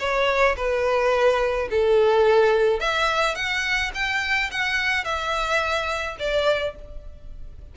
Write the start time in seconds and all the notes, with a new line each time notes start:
0.00 C#5
0.57 B4
1.71 A4
2.80 E5
3.35 F#5
3.95 G5
4.52 F#5
5.05 E5
6.20 D5